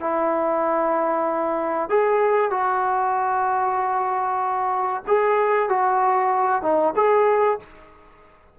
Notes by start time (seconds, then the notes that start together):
0.00 E4
1.89 G#4
2.50 F#4
5.07 G#4
5.69 F#4
6.62 D#4
6.96 G#4